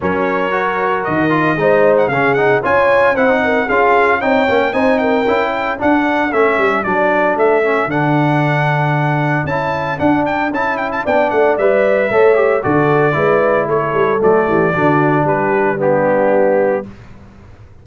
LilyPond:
<<
  \new Staff \with { instrumentName = "trumpet" } { \time 4/4 \tempo 4 = 114 cis''2 dis''4.~ dis''16 fis''16 | f''8 fis''8 gis''4 fis''4 f''4 | g''4 gis''8 g''4. fis''4 | e''4 d''4 e''4 fis''4~ |
fis''2 a''4 fis''8 g''8 | a''8 g''16 a''16 g''8 fis''8 e''2 | d''2 cis''4 d''4~ | d''4 b'4 g'2 | }
  \new Staff \with { instrumentName = "horn" } { \time 4/4 ais'2. c''4 | gis'4 cis''4 c''8 ais'8 gis'4 | cis''4 c''8 ais'4 a'4.~ | a'1~ |
a'1~ | a'4 d''2 cis''4 | a'4 b'4 a'4. g'8 | fis'4 g'4 d'2 | }
  \new Staff \with { instrumentName = "trombone" } { \time 4/4 cis'4 fis'4. f'8 dis'4 | cis'8 dis'8 f'4 e'16 dis'8. f'4 | dis'8 cis'8 dis'4 e'4 d'4 | cis'4 d'4. cis'8 d'4~ |
d'2 e'4 d'4 | e'4 d'4 b'4 a'8 g'8 | fis'4 e'2 a4 | d'2 b2 | }
  \new Staff \with { instrumentName = "tuba" } { \time 4/4 fis2 dis4 gis4 | cis4 cis'4 c'4 cis'4 | c'8 ais8 c'4 cis'4 d'4 | a8 g8 fis4 a4 d4~ |
d2 cis'4 d'4 | cis'4 b8 a8 g4 a4 | d4 gis4 a8 g8 fis8 e8 | d4 g2. | }
>>